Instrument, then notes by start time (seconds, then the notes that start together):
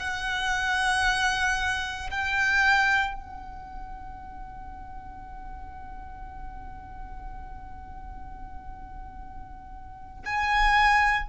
violin
0.00 F#5
2.11 G5
3.14 F#5
10.26 G#5